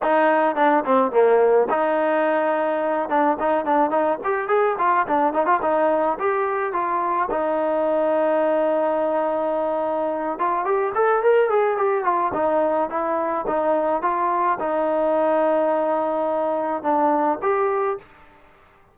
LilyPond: \new Staff \with { instrumentName = "trombone" } { \time 4/4 \tempo 4 = 107 dis'4 d'8 c'8 ais4 dis'4~ | dis'4. d'8 dis'8 d'8 dis'8 g'8 | gis'8 f'8 d'8 dis'16 f'16 dis'4 g'4 | f'4 dis'2.~ |
dis'2~ dis'8 f'8 g'8 a'8 | ais'8 gis'8 g'8 f'8 dis'4 e'4 | dis'4 f'4 dis'2~ | dis'2 d'4 g'4 | }